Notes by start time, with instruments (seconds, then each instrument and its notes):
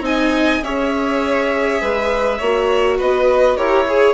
0.00 bassoon C4, viola D#4, violin D#5 G#5
0.62 bassoon C#4, viola G#4, violin C#5 E5
1.81 bassoon G#3, violin B4
2.38 bassoon A#3, viola F#4, violin C#5
2.98 bassoon B3, violin B4 D#5
3.56 bassoon E4, viola G4, violin A#4 C#5
3.88 viola G#4, violin G#4